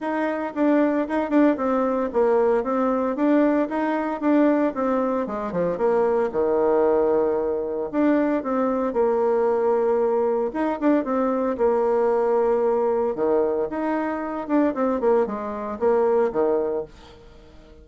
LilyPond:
\new Staff \with { instrumentName = "bassoon" } { \time 4/4 \tempo 4 = 114 dis'4 d'4 dis'8 d'8 c'4 | ais4 c'4 d'4 dis'4 | d'4 c'4 gis8 f8 ais4 | dis2. d'4 |
c'4 ais2. | dis'8 d'8 c'4 ais2~ | ais4 dis4 dis'4. d'8 | c'8 ais8 gis4 ais4 dis4 | }